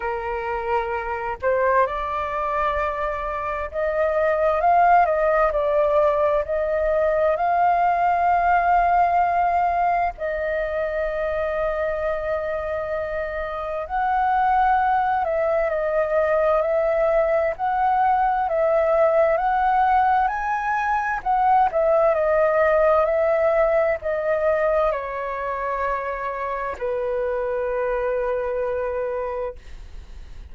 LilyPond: \new Staff \with { instrumentName = "flute" } { \time 4/4 \tempo 4 = 65 ais'4. c''8 d''2 | dis''4 f''8 dis''8 d''4 dis''4 | f''2. dis''4~ | dis''2. fis''4~ |
fis''8 e''8 dis''4 e''4 fis''4 | e''4 fis''4 gis''4 fis''8 e''8 | dis''4 e''4 dis''4 cis''4~ | cis''4 b'2. | }